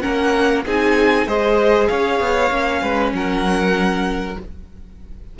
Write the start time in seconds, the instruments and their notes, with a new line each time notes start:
0.00 cello A#3, viola C#4, violin A#4 F#5
0.65 cello C4, viola D#4, violin G#4 G#5
1.26 cello G#3, viola G#4, violin C5 D#5
1.87 cello C#4, violin C#5 F5
2.20 cello B3
2.50 cello A#3, viola C#4
2.82 cello G#3, violin B4
3.12 cello F#3, violin A#4 F#5